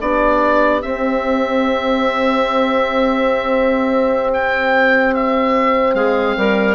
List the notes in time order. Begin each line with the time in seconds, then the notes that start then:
0.00 B3 D4 G4 D5
0.82 C4 E5
4.33 G5
5.15 E5
5.94 G#3 G#4 F5
6.37 G3 A#4